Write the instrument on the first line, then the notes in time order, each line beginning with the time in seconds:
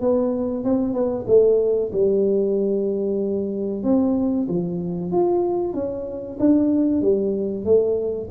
tuba
0.00 B3
0.64 C4
0.93 B3
1.27 A3
1.92 G3
3.83 C4
4.48 F3
5.12 F4
5.73 C#4
6.39 D4
7.01 G3
7.65 A3